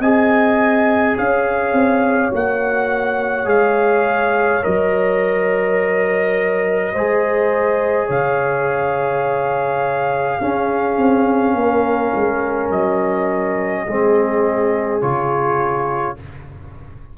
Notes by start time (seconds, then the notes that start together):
0.00 C4 G#4 D#5 G#5
1.17 C#4 C#5 F5
1.73 C4
2.32 A#3 F#4 F#5
3.46 G#3 G#4 F5
4.62 F#3 A#4 D#5
6.93 G#3 G#4 C5
8.07 C#3 C#5 F5
10.41 C#4 G#4
10.98 C4
11.54 A#3 A#4
12.15 G#3
12.71 F#3 D#5
13.85 G#3 C4 G#4
15.01 C#3 F4 C#5